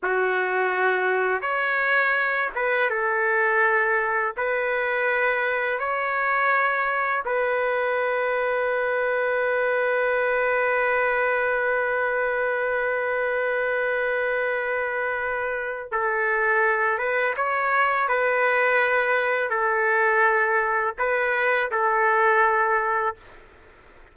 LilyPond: \new Staff \with { instrumentName = "trumpet" } { \time 4/4 \tempo 4 = 83 fis'2 cis''4. b'8 | a'2 b'2 | cis''2 b'2~ | b'1~ |
b'1~ | b'2 a'4. b'8 | cis''4 b'2 a'4~ | a'4 b'4 a'2 | }